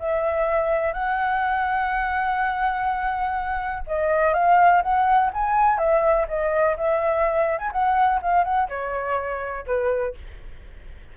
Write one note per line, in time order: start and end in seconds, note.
0.00 0.93 E5
0.93 3.84 F#5
3.87 4.34 D#5
4.34 4.82 F5
4.83 5.31 F#5
5.34 5.78 G#5
5.78 6.27 E5
6.28 6.77 D#5
6.77 7.59 E5
7.59 7.71 G#5
7.72 8.21 F#5
8.22 8.44 F5
8.44 8.69 F#5
8.69 9.66 C#5
9.67 10.15 B4